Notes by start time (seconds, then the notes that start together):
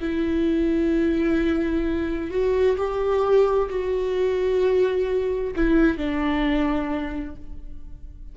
0.00 E4
2.30 F#4
2.77 G4
3.70 F#4
5.56 E4
5.97 D4